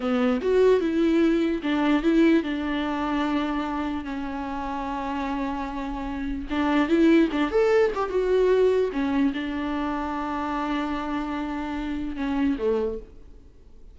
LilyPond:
\new Staff \with { instrumentName = "viola" } { \time 4/4 \tempo 4 = 148 b4 fis'4 e'2 | d'4 e'4 d'2~ | d'2 cis'2~ | cis'1 |
d'4 e'4 d'8 a'4 g'8 | fis'2 cis'4 d'4~ | d'1~ | d'2 cis'4 a4 | }